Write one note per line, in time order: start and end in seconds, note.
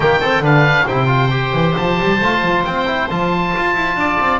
0.00 0.39 D#3
0.00 0.21 A#3
0.00 0.20 G4
0.00 0.44 G5
0.20 0.43 C4
0.20 0.42 A4
0.39 0.84 D3
0.39 0.87 D4
0.39 0.85 B4
0.39 0.87 F5
0.85 1.53 C3
0.85 1.06 E4
0.85 3.94 C5
0.85 1.75 G5
1.06 1.28 F4
1.30 2.18 G4
1.53 1.75 E3
1.76 2.00 F3
1.76 2.64 A5
2.02 2.20 G3
2.20 2.42 A3
2.20 2.86 F4
2.42 2.64 F3
2.64 3.10 C4
2.64 3.09 G5
2.86 3.08 E4
3.10 3.54 F3
3.10 4.39 F4
3.10 4.39 A5
3.57 3.74 F4
3.74 3.95 E4
3.95 4.17 D4
3.95 4.39 D5
4.20 4.39 C4